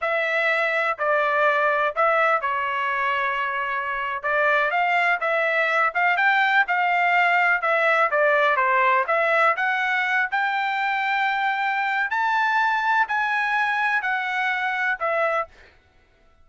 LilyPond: \new Staff \with { instrumentName = "trumpet" } { \time 4/4 \tempo 4 = 124 e''2 d''2 | e''4 cis''2.~ | cis''8. d''4 f''4 e''4~ e''16~ | e''16 f''8 g''4 f''2 e''16~ |
e''8. d''4 c''4 e''4 fis''16~ | fis''4~ fis''16 g''2~ g''8.~ | g''4 a''2 gis''4~ | gis''4 fis''2 e''4 | }